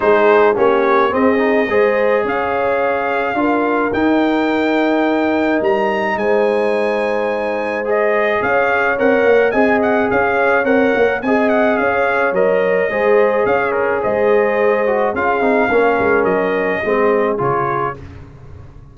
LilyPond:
<<
  \new Staff \with { instrumentName = "trumpet" } { \time 4/4 \tempo 4 = 107 c''4 cis''4 dis''2 | f''2. g''4~ | g''2 ais''4 gis''4~ | gis''2 dis''4 f''4 |
fis''4 gis''8 fis''8 f''4 fis''4 | gis''8 fis''8 f''4 dis''2 | f''8 ais'8 dis''2 f''4~ | f''4 dis''2 cis''4 | }
  \new Staff \with { instrumentName = "horn" } { \time 4/4 gis'4 g'4 gis'4 c''4 | cis''2 ais'2~ | ais'2. c''4~ | c''2. cis''4~ |
cis''4 dis''4 cis''2 | dis''4 cis''2 c''4 | cis''4 c''2 gis'4 | ais'2 gis'2 | }
  \new Staff \with { instrumentName = "trombone" } { \time 4/4 dis'4 cis'4 c'8 dis'8 gis'4~ | gis'2 f'4 dis'4~ | dis'1~ | dis'2 gis'2 |
ais'4 gis'2 ais'4 | gis'2 ais'4 gis'4~ | gis'2~ gis'8 fis'8 f'8 dis'8 | cis'2 c'4 f'4 | }
  \new Staff \with { instrumentName = "tuba" } { \time 4/4 gis4 ais4 c'4 gis4 | cis'2 d'4 dis'4~ | dis'2 g4 gis4~ | gis2. cis'4 |
c'8 ais8 c'4 cis'4 c'8 ais8 | c'4 cis'4 fis4 gis4 | cis'4 gis2 cis'8 c'8 | ais8 gis8 fis4 gis4 cis4 | }
>>